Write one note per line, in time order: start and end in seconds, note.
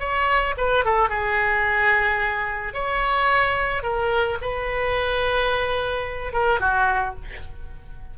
0.00 0.55 C#5
0.58 0.85 B4
0.85 1.10 A4
1.10 2.74 G#4
2.74 3.83 C#5
3.83 4.38 A#4
4.41 6.33 B4
6.33 6.60 A#4
6.60 7.15 F#4